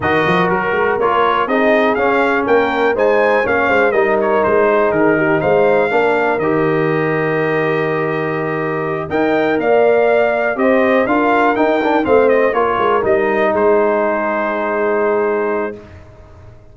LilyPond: <<
  \new Staff \with { instrumentName = "trumpet" } { \time 4/4 \tempo 4 = 122 dis''4 ais'4 cis''4 dis''4 | f''4 g''4 gis''4 f''4 | dis''8 cis''8 c''4 ais'4 f''4~ | f''4 dis''2.~ |
dis''2~ dis''8 g''4 f''8~ | f''4. dis''4 f''4 g''8~ | g''8 f''8 dis''8 cis''4 dis''4 c''8~ | c''1 | }
  \new Staff \with { instrumentName = "horn" } { \time 4/4 ais'2. gis'4~ | gis'4 ais'4 c''4 cis''8 c''8 | ais'4. gis'4 g'8 c''4 | ais'1~ |
ais'2~ ais'8 dis''4 d''8~ | d''4. c''4 ais'4.~ | ais'8 c''4 ais'2 gis'8~ | gis'1 | }
  \new Staff \with { instrumentName = "trombone" } { \time 4/4 fis'2 f'4 dis'4 | cis'2 dis'4 cis'4 | dis'1 | d'4 g'2.~ |
g'2~ g'8 ais'4.~ | ais'4. g'4 f'4 dis'8 | d'8 c'4 f'4 dis'4.~ | dis'1 | }
  \new Staff \with { instrumentName = "tuba" } { \time 4/4 dis8 f8 fis8 gis8 ais4 c'4 | cis'4 ais4 gis4 ais8 gis8 | g4 gis4 dis4 gis4 | ais4 dis2.~ |
dis2~ dis8 dis'4 ais8~ | ais4. c'4 d'4 dis'8~ | dis'8 a4 ais8 gis8 g4 gis8~ | gis1 | }
>>